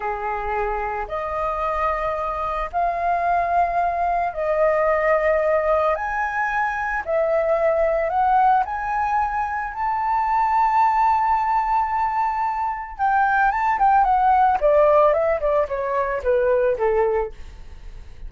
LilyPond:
\new Staff \with { instrumentName = "flute" } { \time 4/4 \tempo 4 = 111 gis'2 dis''2~ | dis''4 f''2. | dis''2. gis''4~ | gis''4 e''2 fis''4 |
gis''2 a''2~ | a''1 | g''4 a''8 g''8 fis''4 d''4 | e''8 d''8 cis''4 b'4 a'4 | }